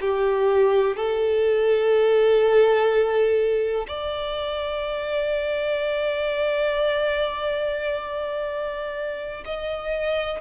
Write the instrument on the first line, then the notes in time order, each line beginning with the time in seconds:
violin
0.00 G4
0.96 A4
3.88 D5
9.44 D#5